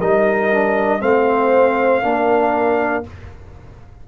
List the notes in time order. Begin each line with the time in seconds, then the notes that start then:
0.00 G3 D#4 A#4 D#5
0.53 D4
1.00 A3 C4 C5 F5
2.02 A#3 D4 A#4